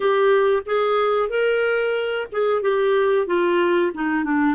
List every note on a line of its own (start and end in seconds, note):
0.00 0.63 G4
0.66 1.29 G#4
1.29 2.26 A#4
2.32 2.62 G#4
2.62 3.26 G4
3.26 3.91 F4
3.93 4.24 D#4
4.24 4.55 D4